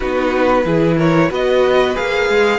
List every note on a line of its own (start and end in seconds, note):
0.00 0.65 B3
0.00 0.65 D#4
0.00 0.64 F#4
0.00 0.98 B4
0.65 1.30 E3
0.65 1.29 E4
0.65 0.97 G#4
0.97 1.30 A#4
0.97 1.31 C#5
1.29 1.96 B3
1.29 1.95 F#4
1.29 2.58 B4
1.29 1.96 D#5
1.95 2.29 A#3
1.95 2.58 G#4
1.95 2.58 F5
2.29 2.58 G#3